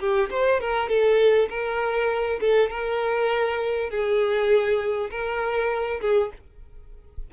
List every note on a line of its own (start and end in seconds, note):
0.00 0.30 G4
0.31 0.61 C5
0.61 0.89 A#4
0.89 1.49 A4
1.50 2.40 A#4
2.41 2.70 A4
2.70 3.90 A#4
3.91 5.11 G#4
5.11 6.01 A#4
6.01 6.31 G#4